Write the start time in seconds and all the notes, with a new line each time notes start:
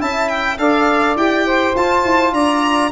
0.00 C#4 E4 E5 A5
0.29 G5
0.59 D4 A4 D5 F5
1.16 E4 G4 G5
1.46 C5
1.75 F4 A5
2.05 E4
2.33 D4 D5 A#5